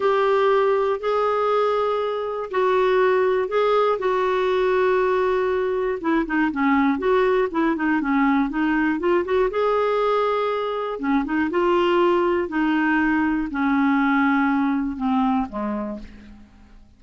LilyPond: \new Staff \with { instrumentName = "clarinet" } { \time 4/4 \tempo 4 = 120 g'2 gis'2~ | gis'4 fis'2 gis'4 | fis'1 | e'8 dis'8 cis'4 fis'4 e'8 dis'8 |
cis'4 dis'4 f'8 fis'8 gis'4~ | gis'2 cis'8 dis'8 f'4~ | f'4 dis'2 cis'4~ | cis'2 c'4 gis4 | }